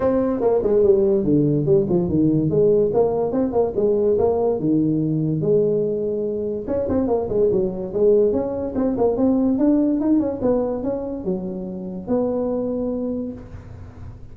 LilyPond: \new Staff \with { instrumentName = "tuba" } { \time 4/4 \tempo 4 = 144 c'4 ais8 gis8 g4 d4 | g8 f8 dis4 gis4 ais4 | c'8 ais8 gis4 ais4 dis4~ | dis4 gis2. |
cis'8 c'8 ais8 gis8 fis4 gis4 | cis'4 c'8 ais8 c'4 d'4 | dis'8 cis'8 b4 cis'4 fis4~ | fis4 b2. | }